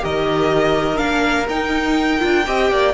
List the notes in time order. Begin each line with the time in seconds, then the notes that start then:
0.00 D#3 G4 A#4 D#5
0.96 A#3 D4 F5
1.48 D#4 G5
2.19 D4 F4
2.46 C4 G4 D#5
2.71 A#3 D5